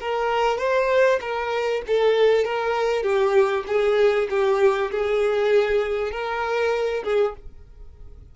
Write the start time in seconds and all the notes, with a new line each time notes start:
0.00 A#4
0.58 C5
1.21 A#4
1.87 A4
2.45 A#4
3.03 G4
3.67 G#4
4.30 G4
4.91 G#4
6.11 A#4
7.04 G#4